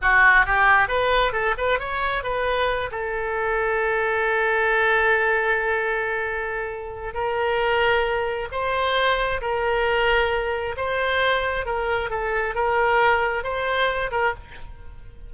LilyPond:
\new Staff \with { instrumentName = "oboe" } { \time 4/4 \tempo 4 = 134 fis'4 g'4 b'4 a'8 b'8 | cis''4 b'4. a'4.~ | a'1~ | a'1 |
ais'2. c''4~ | c''4 ais'2. | c''2 ais'4 a'4 | ais'2 c''4. ais'8 | }